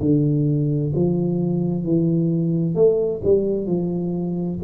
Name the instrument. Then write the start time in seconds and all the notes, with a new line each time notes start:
tuba
0.00 D3
0.95 F3
1.84 E3
2.75 A3
3.24 G3
3.66 F3